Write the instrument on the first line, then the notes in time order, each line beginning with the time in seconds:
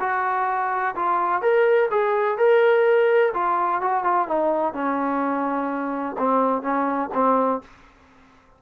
trombone
0.00 F#4
0.96 F4
1.42 A#4
1.91 G#4
2.38 A#4
3.34 F4
3.82 F#4
4.04 F4
4.28 D#4
4.74 C#4
6.19 C4
6.63 C#4
7.14 C4